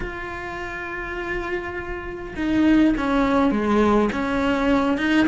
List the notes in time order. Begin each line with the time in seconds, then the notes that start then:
0.00 F4
2.35 D#4
2.97 C#4
3.51 G#3
4.12 C#4
4.97 D#4